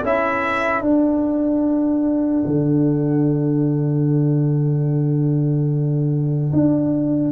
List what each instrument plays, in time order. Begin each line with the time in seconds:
0.00 tuba C#4, trombone E4, horn A4, trumpet E5
0.81 tuba D4, trombone D4, trumpet F#5
2.46 tuba D3
6.53 tuba D4